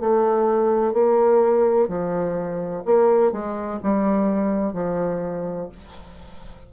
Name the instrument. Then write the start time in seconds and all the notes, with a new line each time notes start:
bassoon
0.00 A3
0.93 A#3
1.88 F3
2.85 A#3
3.32 G#3
3.82 G3
4.73 F3